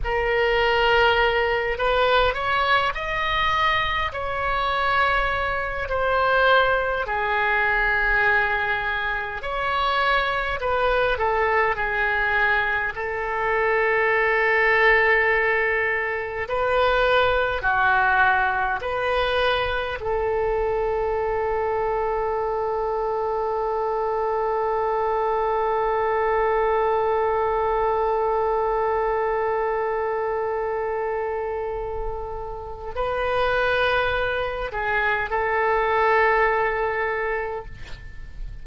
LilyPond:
\new Staff \with { instrumentName = "oboe" } { \time 4/4 \tempo 4 = 51 ais'4. b'8 cis''8 dis''4 cis''8~ | cis''4 c''4 gis'2 | cis''4 b'8 a'8 gis'4 a'4~ | a'2 b'4 fis'4 |
b'4 a'2.~ | a'1~ | a'1 | b'4. gis'8 a'2 | }